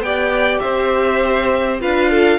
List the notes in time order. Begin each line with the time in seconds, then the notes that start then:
0.00 B3 G4 D5 G5
0.60 C4 C5 E5
1.80 D4 F4 B4 F5
2.10 A4